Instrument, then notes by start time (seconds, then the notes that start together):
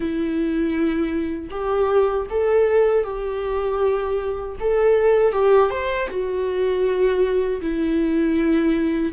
viola
0.00 E4
1.50 G4
2.30 A4
3.04 G4
4.59 A4
5.32 G4
5.70 C5
6.08 F#4
7.61 E4